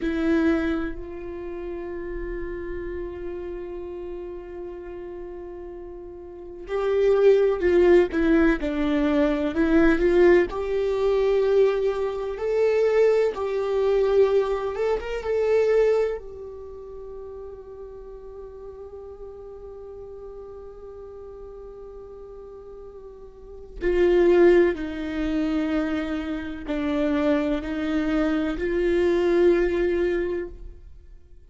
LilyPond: \new Staff \with { instrumentName = "viola" } { \time 4/4 \tempo 4 = 63 e'4 f'2.~ | f'2. g'4 | f'8 e'8 d'4 e'8 f'8 g'4~ | g'4 a'4 g'4. a'16 ais'16 |
a'4 g'2.~ | g'1~ | g'4 f'4 dis'2 | d'4 dis'4 f'2 | }